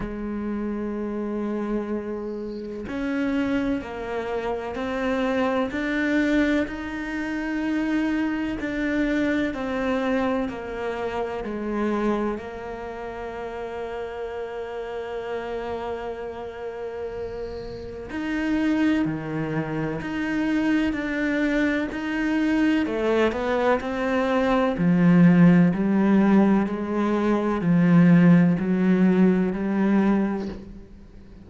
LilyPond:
\new Staff \with { instrumentName = "cello" } { \time 4/4 \tempo 4 = 63 gis2. cis'4 | ais4 c'4 d'4 dis'4~ | dis'4 d'4 c'4 ais4 | gis4 ais2.~ |
ais2. dis'4 | dis4 dis'4 d'4 dis'4 | a8 b8 c'4 f4 g4 | gis4 f4 fis4 g4 | }